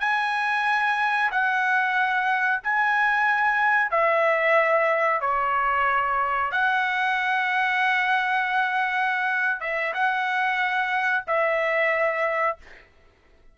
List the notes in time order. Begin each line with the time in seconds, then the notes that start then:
0.00 G#5
1.31 F#5
2.63 G#5
3.91 E5
5.21 C#5
6.52 F#5
9.60 E5
9.94 F#5
11.27 E5